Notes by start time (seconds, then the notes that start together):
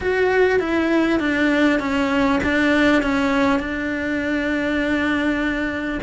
0.00 F#4
0.59 E4
1.19 D4
1.79 C#4
2.43 D4
3.02 C#4
3.59 D4